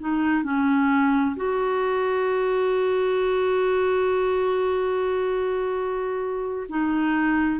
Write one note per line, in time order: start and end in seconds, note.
0.00 0.44 D#4
0.44 1.36 C#4
1.37 6.68 F#4
6.69 7.60 D#4